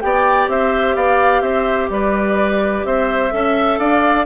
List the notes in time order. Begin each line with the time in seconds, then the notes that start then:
0.00 B3 G4 D5 G5
0.48 C4 C5 E5
0.95 B3 D5 F5
1.41 C4 C5 E5
1.89 G3 B4 D5
2.84 C4 C5 E5
3.30 C#4 A4 E5
3.78 D4 D5 F5